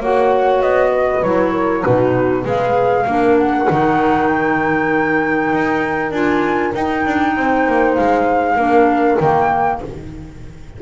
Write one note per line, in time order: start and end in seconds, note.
0.00 0.61 A#3
0.00 1.24 F#4
0.00 0.92 C#5
0.00 0.62 F#5
0.61 1.22 B3
0.61 1.23 D#5
0.92 1.52 B4
1.23 1.84 F#3
1.23 1.85 E4
1.23 1.83 C#5
1.52 1.83 A#4
1.83 2.45 B2
1.83 2.44 D#4
1.83 2.43 F#4
1.83 2.44 B4
2.43 3.06 G#3
2.43 3.05 G#4
2.43 3.04 B4
2.43 3.39 F5
3.07 3.68 A#3
3.07 3.69 D4
3.07 7.36 A#4
3.39 4.28 F#5
3.69 5.53 D#3
3.69 6.13 D#4
4.28 6.11 G5
5.53 6.11 D#4
6.11 6.73 D4
6.11 6.74 F4
6.11 6.73 G#5
6.75 7.05 D#4
6.75 8.58 D#4
6.75 7.95 G5
7.06 7.37 D4
7.36 7.67 C4
7.36 8.56 C5
7.67 7.98 A#3
7.95 8.56 G#3
7.95 9.18 F5
8.56 9.17 A#3
8.56 9.19 D4
8.56 9.79 A#4
9.20 9.82 D#3
9.20 9.83 A#3
9.20 9.81 G5